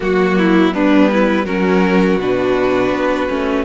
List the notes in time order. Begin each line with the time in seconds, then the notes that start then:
0.00 F#3 A#3 F#4
0.38 E4
0.72 G3 B3 D4 B4
1.12 E4
1.45 F#3 C#4 F#4 A#4
2.16 B2 D4 B4
2.91 B3
3.29 A3 C#4